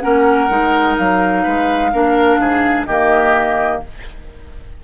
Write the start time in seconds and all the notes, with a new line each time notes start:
0.00 A#3 C#4 A#4 F#5
0.49 G#3 D#4
0.98 F#3 F5
1.43 G#3 B4
1.92 A#3 D4 A#4
2.38 G#2 G#4
2.84 D#3 A#3 G4 D#5